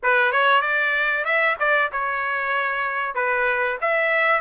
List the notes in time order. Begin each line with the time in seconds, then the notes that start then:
0.02 B4
0.32 C#5
0.61 D5
1.24 E5
1.59 D5
1.92 C#5
3.14 B4
3.81 E5